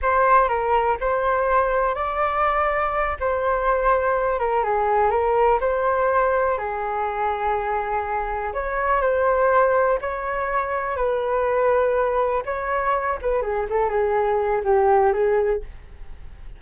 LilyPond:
\new Staff \with { instrumentName = "flute" } { \time 4/4 \tempo 4 = 123 c''4 ais'4 c''2 | d''2~ d''8 c''4.~ | c''4 ais'8 gis'4 ais'4 c''8~ | c''4. gis'2~ gis'8~ |
gis'4. cis''4 c''4.~ | c''8 cis''2 b'4.~ | b'4. cis''4. b'8 gis'8 | a'8 gis'4. g'4 gis'4 | }